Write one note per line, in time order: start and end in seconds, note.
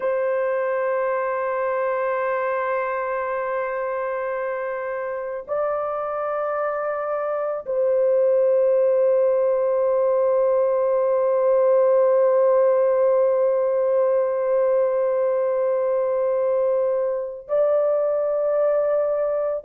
0.00 5.44 C5
5.47 7.65 D5
7.66 17.47 C5
17.47 19.64 D5